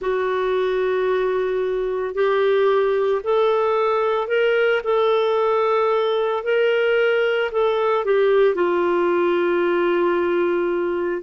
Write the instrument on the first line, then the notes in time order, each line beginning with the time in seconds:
clarinet
0.01 F#4
2.14 G4
3.23 A4
4.27 A#4
4.84 A4
6.43 A#4
7.51 A4
8.04 G4
8.54 F4